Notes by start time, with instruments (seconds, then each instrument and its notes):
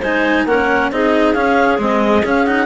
0.00 bassoon G#3, cello D#4, clarinet C5 G#5
0.45 bassoon A#3, cello C#4, clarinet A#4 F#5
0.91 bassoon C4, cello D#4, clarinet G#4 D#5
1.33 cello C#4, bassoon C#4, clarinet F5
1.78 cello G#3, bassoon C4, clarinet D#5
2.24 bassoon C#4, cello C#4, clarinet F5
2.47 cello D#4, clarinet F#5